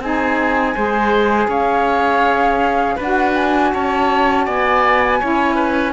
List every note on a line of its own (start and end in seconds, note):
0.00 0.74 C4
0.00 0.76 D#4
0.00 0.75 G#4
0.00 1.51 G#5
0.75 1.48 G#3
0.75 2.98 G#4
0.75 1.49 C5
1.48 2.96 C#4
1.48 2.96 C#5
1.48 2.99 F5
2.96 3.74 D4
2.96 3.70 B4
2.96 3.36 F#5
3.02 5.20 F#4
3.36 3.73 G#5
3.74 4.48 C#4
3.74 4.46 C#5
3.74 4.47 A5
4.46 5.22 B3
4.46 5.20 D5
4.46 5.93 G#5
5.20 5.93 C#4
5.20 5.93 E4
5.20 5.56 C#5
5.56 5.93 B4